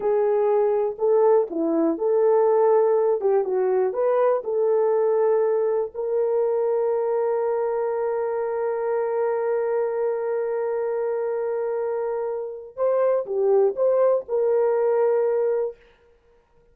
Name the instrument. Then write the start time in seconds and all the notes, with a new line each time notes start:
horn
0.00 G#4
0.98 A4
1.50 E4
1.97 A4
3.21 G4
3.44 F#4
3.93 B4
4.44 A4
5.94 A#4
12.76 C5
13.25 G4
13.76 C5
14.28 A#4